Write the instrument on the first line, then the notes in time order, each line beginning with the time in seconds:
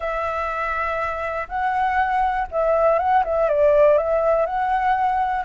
flute
0.00 E5
1.48 F#5
2.51 E5
2.98 F#5
3.24 E5
3.48 D5
3.97 E5
4.46 F#5